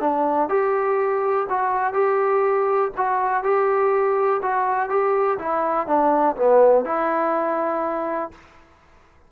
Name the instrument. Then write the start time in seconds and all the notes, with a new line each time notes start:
trombone
0.00 D4
0.49 G4
1.49 F#4
1.93 G4
2.96 F#4
3.43 G4
4.42 F#4
4.89 G4
5.38 E4
5.86 D4
6.36 B3
6.85 E4